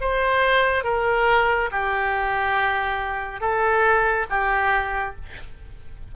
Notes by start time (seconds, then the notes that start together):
0.00 C5
0.83 A#4
1.71 G4
3.41 A4
4.29 G4